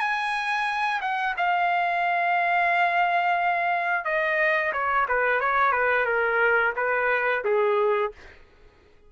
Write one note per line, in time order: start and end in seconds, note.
0.00 1.01 G#5
1.02 1.35 F#5
1.38 4.05 F5
4.05 4.73 D#5
4.73 5.07 C#5
5.09 5.41 B4
5.41 5.72 C#5
5.72 6.06 B4
6.06 6.74 A#4
6.77 7.44 B4
7.45 8.12 G#4